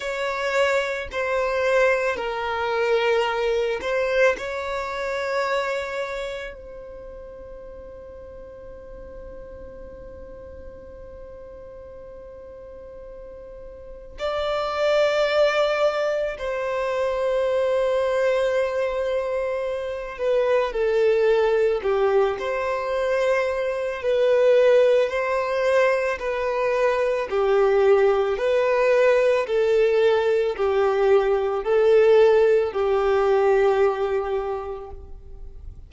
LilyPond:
\new Staff \with { instrumentName = "violin" } { \time 4/4 \tempo 4 = 55 cis''4 c''4 ais'4. c''8 | cis''2 c''2~ | c''1~ | c''4 d''2 c''4~ |
c''2~ c''8 b'8 a'4 | g'8 c''4. b'4 c''4 | b'4 g'4 b'4 a'4 | g'4 a'4 g'2 | }